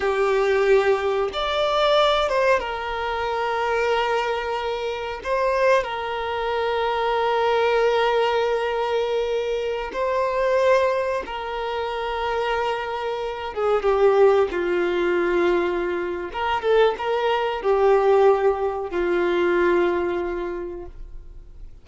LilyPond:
\new Staff \with { instrumentName = "violin" } { \time 4/4 \tempo 4 = 92 g'2 d''4. c''8 | ais'1 | c''4 ais'2.~ | ais'2.~ ais'16 c''8.~ |
c''4~ c''16 ais'2~ ais'8.~ | ais'8. gis'8 g'4 f'4.~ f'16~ | f'4 ais'8 a'8 ais'4 g'4~ | g'4 f'2. | }